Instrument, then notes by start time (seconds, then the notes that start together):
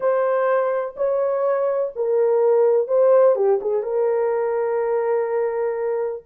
horn
0.00 C5
0.96 C#5
1.95 A#4
2.87 C5
3.35 G4
3.61 G#4
3.83 A#4